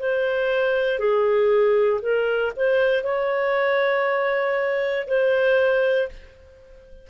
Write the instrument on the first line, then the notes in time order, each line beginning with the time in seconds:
clarinet
0.00 C5
0.99 G#4
2.02 A#4
2.57 C5
3.04 C#5
5.08 C5